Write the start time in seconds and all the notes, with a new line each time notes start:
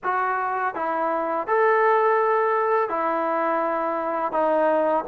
0.03 F#4
0.74 E4
1.47 A4
2.89 E4
4.32 D#4